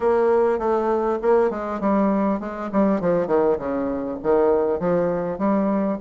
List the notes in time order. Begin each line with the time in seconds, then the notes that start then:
0.00 A#3
0.58 A3
1.22 A#3
1.50 G#3
1.80 G3
2.39 G#3
2.72 G3
3.00 F3
3.27 D#3
3.58 C#3
4.22 D#3
4.79 F3
5.38 G3